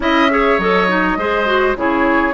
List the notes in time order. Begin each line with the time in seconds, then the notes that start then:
0.00 C#4 E4 D#5 E5
0.30 G#4 C#5
0.58 F#3 A4 D#5
0.88 D#4
1.16 G#3 G#4 C5
1.45 F#4
1.76 C#3 E4 G#4 C#5